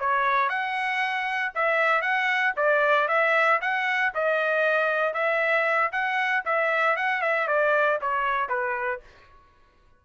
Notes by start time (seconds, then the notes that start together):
0.00 C#5
0.49 F#5
1.55 E5
2.02 F#5
2.57 D5
3.08 E5
3.61 F#5
4.15 D#5
5.14 E5
5.92 F#5
6.46 E5
6.97 F#5
7.22 E5
7.48 D5
8.01 C#5
8.49 B4